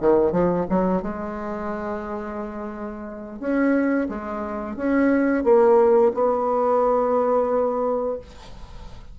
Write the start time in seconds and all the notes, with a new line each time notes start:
0.00 D#3
0.32 F3
0.69 F#3
1.02 G#3
3.40 C#4
4.09 G#3
4.76 C#4
5.44 A#3
6.15 B3